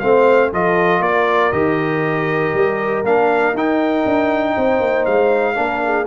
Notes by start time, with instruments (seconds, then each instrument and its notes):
0.00 tuba A3, trombone C4, horn C5, trumpet F5
0.53 tuba F3, trombone F4, horn A4, trumpet D#5
1.01 tuba A#3, horn A#4, trumpet D5
1.53 tuba D#3, trombone G4, trumpet D#5
2.55 tuba G3
3.04 tuba A#3, trombone D4, trumpet F5
3.54 tuba D#4, trombone D#4, trumpet G5
4.06 tuba D4
4.56 tuba C4, horn C5
4.81 tuba A#3
5.06 tuba G#3, trumpet F5
5.55 tuba A#3, trombone D4, horn A#4
5.85 horn G#4